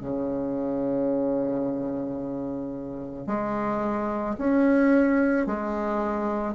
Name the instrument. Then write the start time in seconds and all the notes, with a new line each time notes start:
bassoon
0.00 C#3
3.27 G#3
4.38 C#4
5.46 G#3